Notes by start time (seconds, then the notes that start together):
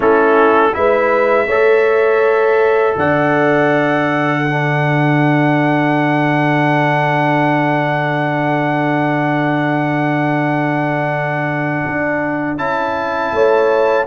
0.00 A3 C#4 E4 A4
0.73 G#3 E4 B4 E5
1.47 A3 A4 C#5
2.96 D3 D5 F#5
4.44 D4 A4
11.86 D4
12.57 C#4 E4 A5
13.31 A3 C#5